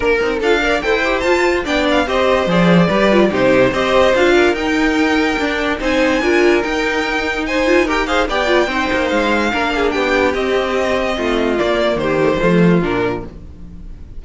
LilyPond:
<<
  \new Staff \with { instrumentName = "violin" } { \time 4/4 \tempo 4 = 145 ais'4 f''4 g''4 a''4 | g''8 f''8 dis''4 d''2 | c''4 dis''4 f''4 g''4~ | g''2 gis''2 |
g''2 gis''4 g''8 f''8 | g''2 f''2 | g''4 dis''2. | d''4 c''2 ais'4 | }
  \new Staff \with { instrumentName = "violin" } { \time 4/4 ais'4 a'8 d''8 c''2 | d''4 c''2 b'4 | g'4 c''4. ais'4.~ | ais'2 c''4 ais'4~ |
ais'2 c''4 ais'8 c''8 | d''4 c''2 ais'8 gis'8 | g'2. f'4~ | f'4 g'4 f'2 | }
  \new Staff \with { instrumentName = "viola" } { \time 4/4 d'8 dis'8 f'8 ais'8 a'8 g'8 f'4 | d'4 g'4 gis'4 g'8 f'8 | dis'4 g'4 f'4 dis'4~ | dis'4 d'4 dis'4 f'4 |
dis'2~ dis'8 f'8 g'8 gis'8 | g'8 f'8 dis'2 d'4~ | d'4 c'2. | ais4. a16 g16 a4 d'4 | }
  \new Staff \with { instrumentName = "cello" } { \time 4/4 ais8 c'8 d'4 e'4 f'4 | b4 c'4 f4 g4 | c4 c'4 d'4 dis'4~ | dis'4 d'4 c'4 d'4 |
dis'1 | b4 c'8 ais8 gis4 ais4 | b4 c'2 a4 | ais4 dis4 f4 ais,4 | }
>>